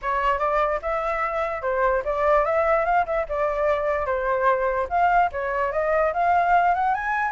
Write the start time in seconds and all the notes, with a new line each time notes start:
0.02 C#5
0.38 D5
0.82 E5
1.61 C5
2.05 D5
2.45 E5
2.85 F5
3.06 E5
3.28 D5
4.06 C5
4.89 F5
5.32 C#5
5.71 D#5
6.13 F5
6.74 F#5
6.94 G#5